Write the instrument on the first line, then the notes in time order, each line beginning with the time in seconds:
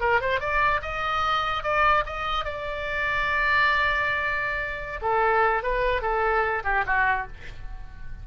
oboe
0.00 A#4
0.20 C5
0.40 D5
0.81 D#5
1.63 D5
2.06 D#5
2.44 D5
5.01 A4
5.62 B4
6.01 A4
6.64 G4
6.86 F#4